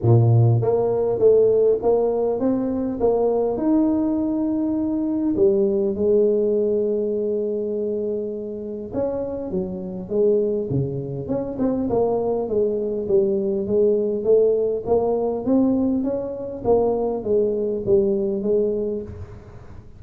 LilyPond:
\new Staff \with { instrumentName = "tuba" } { \time 4/4 \tempo 4 = 101 ais,4 ais4 a4 ais4 | c'4 ais4 dis'2~ | dis'4 g4 gis2~ | gis2. cis'4 |
fis4 gis4 cis4 cis'8 c'8 | ais4 gis4 g4 gis4 | a4 ais4 c'4 cis'4 | ais4 gis4 g4 gis4 | }